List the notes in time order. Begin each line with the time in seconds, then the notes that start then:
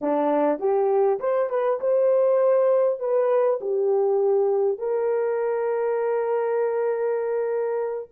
0.01 D4
0.59 G4
1.19 C5
1.49 B4
1.80 C5
2.99 B4
3.60 G4
4.78 A#4